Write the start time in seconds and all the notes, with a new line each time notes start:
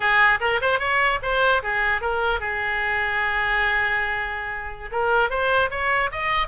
0.00 G#4
0.40 A#4
0.61 C5
0.79 C#5
1.22 C5
1.63 G#4
2.01 A#4
2.39 G#4
4.91 A#4
5.30 C5
5.70 C#5
6.11 D#5